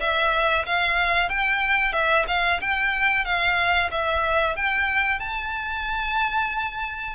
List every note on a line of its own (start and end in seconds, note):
0.00 0.65 E5
0.66 1.29 F5
1.29 1.92 G5
1.92 2.25 E5
2.27 2.60 F5
2.61 3.24 G5
3.24 3.90 F5
3.91 4.56 E5
4.56 5.19 G5
5.19 7.15 A5